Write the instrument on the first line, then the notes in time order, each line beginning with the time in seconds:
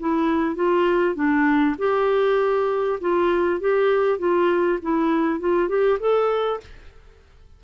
clarinet
0.00 E4
0.56 F4
1.15 D4
1.79 G4
3.01 F4
3.60 G4
4.19 F4
4.83 E4
5.40 F4
5.69 G4
6.00 A4